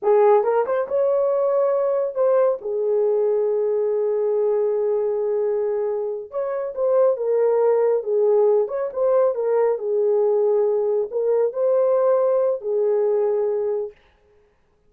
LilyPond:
\new Staff \with { instrumentName = "horn" } { \time 4/4 \tempo 4 = 138 gis'4 ais'8 c''8 cis''2~ | cis''4 c''4 gis'2~ | gis'1~ | gis'2~ gis'8 cis''4 c''8~ |
c''8 ais'2 gis'4. | cis''8 c''4 ais'4 gis'4.~ | gis'4. ais'4 c''4.~ | c''4 gis'2. | }